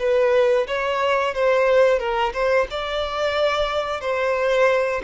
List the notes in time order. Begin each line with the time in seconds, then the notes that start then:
0.00 B4
0.68 C#5
1.35 C5
1.99 A#4
2.34 C5
2.71 D5
4.01 C5